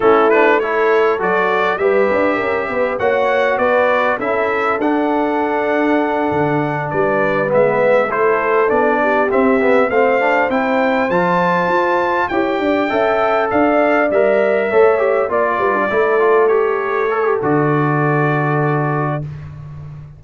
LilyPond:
<<
  \new Staff \with { instrumentName = "trumpet" } { \time 4/4 \tempo 4 = 100 a'8 b'8 cis''4 d''4 e''4~ | e''4 fis''4 d''4 e''4 | fis''2.~ fis''8 d''8~ | d''8 e''4 c''4 d''4 e''8~ |
e''8 f''4 g''4 a''4.~ | a''8 g''2 f''4 e''8~ | e''4. d''2 cis''8~ | cis''4 d''2. | }
  \new Staff \with { instrumentName = "horn" } { \time 4/4 e'4 a'2 b'4 | ais'8 b'8 cis''4 b'4 a'4~ | a'2.~ a'8 b'8~ | b'4. a'4. g'4~ |
g'8 c''2.~ c''8~ | c''8 cis''8 d''8 e''4 d''4.~ | d''8 cis''4 d''8 b'16 d'16 a'4.~ | a'1 | }
  \new Staff \with { instrumentName = "trombone" } { \time 4/4 cis'8 d'8 e'4 fis'4 g'4~ | g'4 fis'2 e'4 | d'1~ | d'8 b4 e'4 d'4 c'8 |
b8 c'8 d'8 e'4 f'4.~ | f'8 g'4 a'2 ais'8~ | ais'8 a'8 g'8 f'4 e'8 f'8 g'8~ | g'8 a'16 g'16 fis'2. | }
  \new Staff \with { instrumentName = "tuba" } { \time 4/4 a2 fis4 g8 d'8 | cis'8 b8 ais4 b4 cis'4 | d'2~ d'8 d4 g8~ | g8 gis4 a4 b4 c'8~ |
c'8 a4 c'4 f4 f'8~ | f'8 e'8 d'8 cis'4 d'4 g8~ | g8 a4 ais8 g8 a4.~ | a4 d2. | }
>>